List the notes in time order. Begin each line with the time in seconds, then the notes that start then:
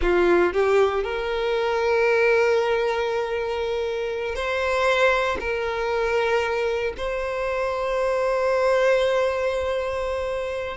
0.01 F4
0.53 G4
1.03 A#4
4.35 C5
5.39 A#4
6.97 C5